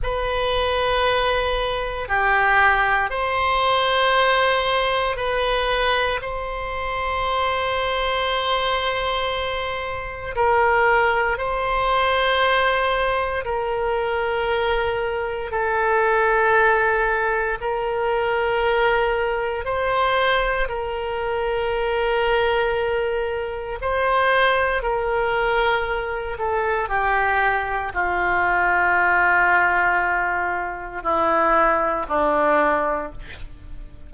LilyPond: \new Staff \with { instrumentName = "oboe" } { \time 4/4 \tempo 4 = 58 b'2 g'4 c''4~ | c''4 b'4 c''2~ | c''2 ais'4 c''4~ | c''4 ais'2 a'4~ |
a'4 ais'2 c''4 | ais'2. c''4 | ais'4. a'8 g'4 f'4~ | f'2 e'4 d'4 | }